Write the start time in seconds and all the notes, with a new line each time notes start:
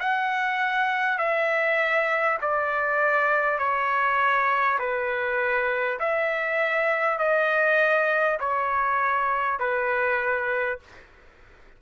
0.00 F#5
1.18 E5
2.42 D5
3.58 C#5
4.79 B4
5.99 E5
7.18 D#5
8.40 C#5
9.59 B4